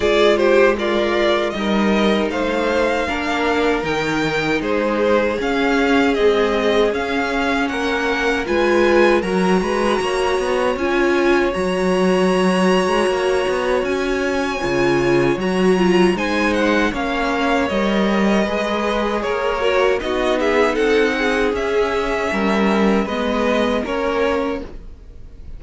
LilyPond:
<<
  \new Staff \with { instrumentName = "violin" } { \time 4/4 \tempo 4 = 78 d''8 c''8 d''4 dis''4 f''4~ | f''4 g''4 c''4 f''4 | dis''4 f''4 fis''4 gis''4 | ais''2 gis''4 ais''4~ |
ais''2 gis''2 | ais''4 gis''8 fis''8 f''4 dis''4~ | dis''4 cis''4 dis''8 e''8 fis''4 | e''2 dis''4 cis''4 | }
  \new Staff \with { instrumentName = "violin" } { \time 4/4 gis'8 g'8 f'4 ais'4 c''4 | ais'2 gis'2~ | gis'2 ais'4 b'4 | ais'8 b'8 cis''2.~ |
cis''1~ | cis''4 c''4 cis''2 | b'4 ais'4 fis'8 gis'8 a'8 gis'8~ | gis'4 ais'4 b'4 ais'4 | }
  \new Staff \with { instrumentName = "viola" } { \time 4/4 f'4 ais'4 dis'2 | d'4 dis'2 cis'4 | gis4 cis'2 f'4 | fis'2 f'4 fis'4~ |
fis'2. f'4 | fis'8 f'8 dis'4 cis'4 ais'4 | gis'4. fis'8 dis'2 | cis'2 b4 cis'4 | }
  \new Staff \with { instrumentName = "cello" } { \time 4/4 gis2 g4 a4 | ais4 dis4 gis4 cis'4 | c'4 cis'4 ais4 gis4 | fis8 gis8 ais8 b8 cis'4 fis4~ |
fis8. gis16 ais8 b8 cis'4 cis4 | fis4 gis4 ais4 g4 | gis4 ais4 b4 c'4 | cis'4 g4 gis4 ais4 | }
>>